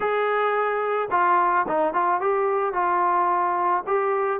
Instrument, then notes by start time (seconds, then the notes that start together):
trombone
0.00 G#4
1.11 F4
1.68 D#4
1.93 F4
2.20 G4
2.73 F4
3.86 G4